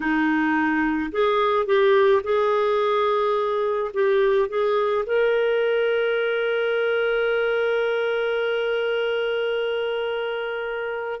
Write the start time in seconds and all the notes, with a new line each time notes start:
0.00 D#4
1.12 G#4
1.65 G4
2.23 G#4
3.93 G4
4.48 G#4
5.05 A#4